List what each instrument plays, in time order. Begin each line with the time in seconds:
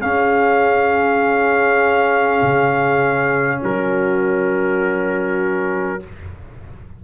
0.00 trombone C#4, tuba C#4, horn G#4, trumpet F5
2.43 tuba C#3
3.63 tuba F#3, horn F#4, trumpet A#4